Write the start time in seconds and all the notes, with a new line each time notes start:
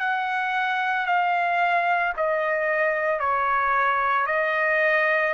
0.00 F#5
1.06 F5
2.17 D#5
3.20 C#5
4.27 D#5